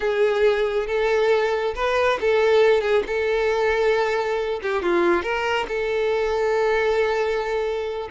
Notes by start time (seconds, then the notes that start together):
0.00 G#4
0.86 A4
1.75 B4
2.20 A4
2.81 G#4
3.07 A4
4.62 G4
4.82 F4
5.22 A#4
5.68 A4